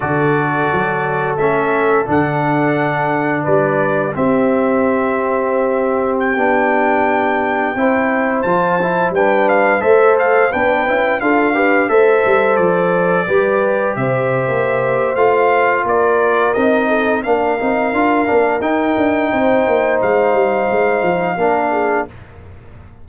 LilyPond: <<
  \new Staff \with { instrumentName = "trumpet" } { \time 4/4 \tempo 4 = 87 d''2 e''4 fis''4~ | fis''4 d''4 e''2~ | e''4 g''2.~ | g''16 a''4 g''8 f''8 e''8 f''8 g''8.~ |
g''16 f''4 e''4 d''4.~ d''16~ | d''16 e''4.~ e''16 f''4 d''4 | dis''4 f''2 g''4~ | g''4 f''2. | }
  \new Staff \with { instrumentName = "horn" } { \time 4/4 a'1~ | a'4 b'4 g'2~ | g'2.~ g'16 c''8.~ | c''4~ c''16 b'4 c''4 b'8.~ |
b'16 a'8 b'8 c''2 b'8.~ | b'16 c''2~ c''8. ais'4~ | ais'8 a'8 ais'2. | c''2. ais'8 gis'8 | }
  \new Staff \with { instrumentName = "trombone" } { \time 4/4 fis'2 cis'4 d'4~ | d'2 c'2~ | c'4~ c'16 d'2 e'8.~ | e'16 f'8 e'8 d'4 a'4 d'8 e'16~ |
e'16 f'8 g'8 a'2 g'8.~ | g'2 f'2 | dis'4 d'8 dis'8 f'8 d'8 dis'4~ | dis'2. d'4 | }
  \new Staff \with { instrumentName = "tuba" } { \time 4/4 d4 fis4 a4 d4~ | d4 g4 c'2~ | c'4~ c'16 b2 c'8.~ | c'16 f4 g4 a4 b8 cis'16~ |
cis'16 d'4 a8 g8 f4 g8.~ | g16 c8. ais4 a4 ais4 | c'4 ais8 c'8 d'8 ais8 dis'8 d'8 | c'8 ais8 gis8 g8 gis8 f8 ais4 | }
>>